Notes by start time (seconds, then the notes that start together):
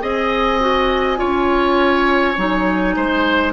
0.00 C4 G#4 D#5 G#5
0.60 F#4
1.16 C#4 F4 C#5
2.37 F#3 D#4
2.96 G#3 C5